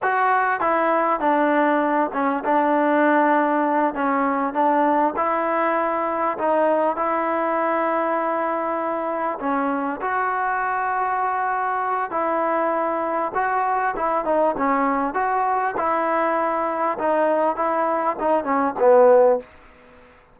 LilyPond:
\new Staff \with { instrumentName = "trombone" } { \time 4/4 \tempo 4 = 99 fis'4 e'4 d'4. cis'8 | d'2~ d'8 cis'4 d'8~ | d'8 e'2 dis'4 e'8~ | e'2.~ e'8 cis'8~ |
cis'8 fis'2.~ fis'8 | e'2 fis'4 e'8 dis'8 | cis'4 fis'4 e'2 | dis'4 e'4 dis'8 cis'8 b4 | }